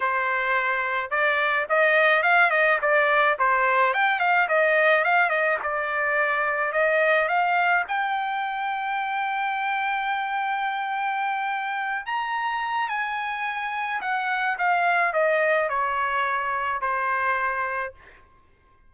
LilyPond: \new Staff \with { instrumentName = "trumpet" } { \time 4/4 \tempo 4 = 107 c''2 d''4 dis''4 | f''8 dis''8 d''4 c''4 g''8 f''8 | dis''4 f''8 dis''8 d''2 | dis''4 f''4 g''2~ |
g''1~ | g''4. ais''4. gis''4~ | gis''4 fis''4 f''4 dis''4 | cis''2 c''2 | }